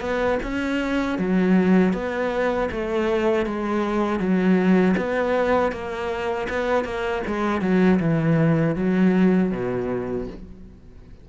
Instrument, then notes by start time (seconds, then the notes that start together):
cello
0.00 B3
0.42 C#4
1.18 F#3
1.93 B3
2.71 A3
3.46 G#3
4.19 F#3
4.96 B3
5.71 A#3
6.49 B3
6.84 A#3
7.26 G#3
7.61 F#3
7.99 E3
8.75 F#3
9.51 B2